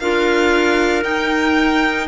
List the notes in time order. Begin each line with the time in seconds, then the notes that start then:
0.00 D4 F4 A#4 F5
1.03 D#4 G5